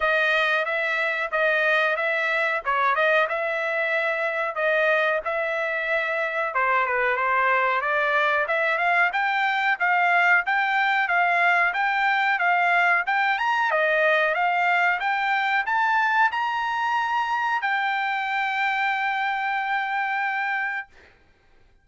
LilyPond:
\new Staff \with { instrumentName = "trumpet" } { \time 4/4 \tempo 4 = 92 dis''4 e''4 dis''4 e''4 | cis''8 dis''8 e''2 dis''4 | e''2 c''8 b'8 c''4 | d''4 e''8 f''8 g''4 f''4 |
g''4 f''4 g''4 f''4 | g''8 ais''8 dis''4 f''4 g''4 | a''4 ais''2 g''4~ | g''1 | }